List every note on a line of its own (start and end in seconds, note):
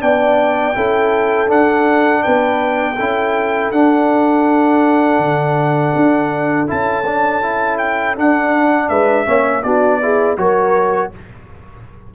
0.00 0.76 B3
0.00 0.74 D4
0.00 0.77 D5
0.00 1.50 G5
0.74 1.51 C#4
0.74 1.48 E4
0.74 2.24 A4
1.48 2.96 D4
1.48 2.25 D4
1.48 2.23 F#5
2.23 3.00 B3
2.23 2.96 B4
2.23 3.71 G5
2.96 3.72 C#4
2.96 3.73 E4
2.96 8.89 A4
3.72 5.19 D4
3.72 6.67 D4
3.72 6.68 F#5
5.19 5.93 D3
5.96 6.70 D4
6.67 8.18 C#4
6.67 7.04 E4
6.67 7.78 A5
7.06 7.42 D4
7.42 8.16 E4
7.78 8.15 G5
8.16 9.25 D4
8.16 8.89 D4
8.16 8.89 F#5
8.89 9.26 G#3
8.89 9.27 B4
8.89 9.63 E5
9.25 9.64 A#3
9.25 9.62 C#4
9.25 9.64 C#5
9.63 10.38 B3
9.63 10.02 D4
9.63 10.02 F#4
9.63 10.37 D5
10.02 10.38 E4
10.02 10.41 G#4
10.38 11.12 F#3
10.38 11.12 F#4
10.38 11.15 A#4
10.38 11.12 C#5